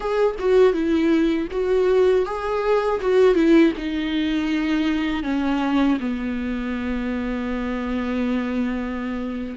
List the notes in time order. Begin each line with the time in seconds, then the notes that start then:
0.00 G#4
0.39 F#4
0.73 E4
1.51 F#4
2.25 G#4
3.00 F#4
3.34 E4
3.77 D#4
5.23 C#4
6.00 B3